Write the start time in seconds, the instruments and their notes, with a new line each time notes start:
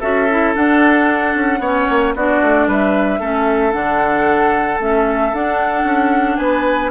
0.00 bassoon C#4, clarinet F#4, oboe A4, flute E5
0.30 clarinet E4
0.55 clarinet D4, bassoon D4, flute F#5
1.35 bassoon C#4
1.59 bassoon B3, clarinet C#4, oboe C#5
1.89 bassoon A#3
2.15 bassoon B3, clarinet D4, oboe F#4, flute D5
2.42 bassoon A3
2.67 bassoon G3, oboe B4, flute E5
3.20 bassoon A3, clarinet C#4, oboe A4
3.72 bassoon D3, clarinet D4, flute F#5
4.79 bassoon A3, clarinet C#4, flute E5
5.33 bassoon D4, clarinet D4, flute F#5
5.84 bassoon C#4
6.36 bassoon B3, oboe B4, flute G#5